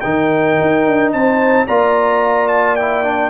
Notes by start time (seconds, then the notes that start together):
0.00 D#3 D#4 A#4 G5
0.61 D#4
0.86 D4
1.12 C4 C5 A5
1.66 A#3 F4 D5 A#5
2.48 A5
2.75 E4 G5
3.04 D4